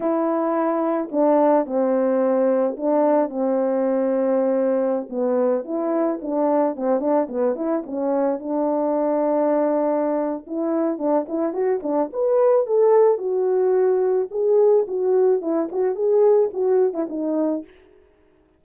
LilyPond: \new Staff \with { instrumentName = "horn" } { \time 4/4 \tempo 4 = 109 e'2 d'4 c'4~ | c'4 d'4 c'2~ | c'4~ c'16 b4 e'4 d'8.~ | d'16 c'8 d'8 b8 e'8 cis'4 d'8.~ |
d'2. e'4 | d'8 e'8 fis'8 d'8 b'4 a'4 | fis'2 gis'4 fis'4 | e'8 fis'8 gis'4 fis'8. e'16 dis'4 | }